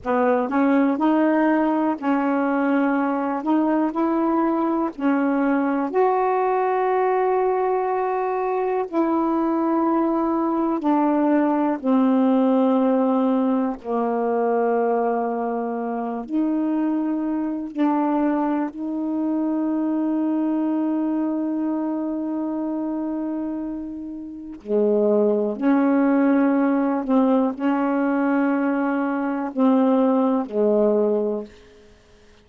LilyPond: \new Staff \with { instrumentName = "saxophone" } { \time 4/4 \tempo 4 = 61 b8 cis'8 dis'4 cis'4. dis'8 | e'4 cis'4 fis'2~ | fis'4 e'2 d'4 | c'2 ais2~ |
ais8 dis'4. d'4 dis'4~ | dis'1~ | dis'4 gis4 cis'4. c'8 | cis'2 c'4 gis4 | }